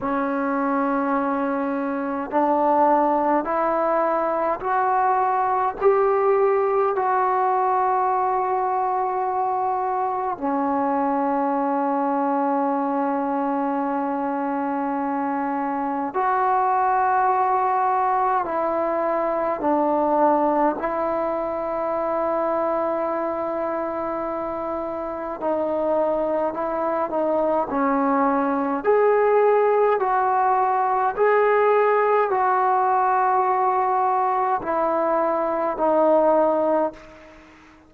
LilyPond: \new Staff \with { instrumentName = "trombone" } { \time 4/4 \tempo 4 = 52 cis'2 d'4 e'4 | fis'4 g'4 fis'2~ | fis'4 cis'2.~ | cis'2 fis'2 |
e'4 d'4 e'2~ | e'2 dis'4 e'8 dis'8 | cis'4 gis'4 fis'4 gis'4 | fis'2 e'4 dis'4 | }